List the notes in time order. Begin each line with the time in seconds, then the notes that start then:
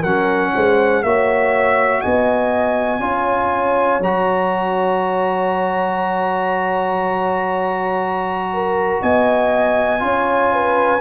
0.00 F#3 A#4 F#5
0.06 C#4
0.54 G#3 C5
1.03 A#3 F#4 C#5 E5
2.01 B3 D#5 G#5
3.00 C#4 F4 C#5
4.00 F#3 F#4 A#5
8.54 A#4
9.03 B3 D#5 G#5
10.00 C#4 F4 C#5
10.54 B4